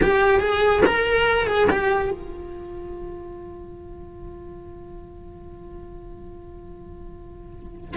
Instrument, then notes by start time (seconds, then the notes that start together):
cello
0.02 G4
0.40 G#4
0.85 A#4
1.47 G#4
1.70 G4
2.11 F4